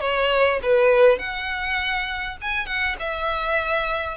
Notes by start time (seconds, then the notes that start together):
0.00 C#5
0.62 B4
1.18 F#5
2.41 G#5
2.66 F#5
2.99 E5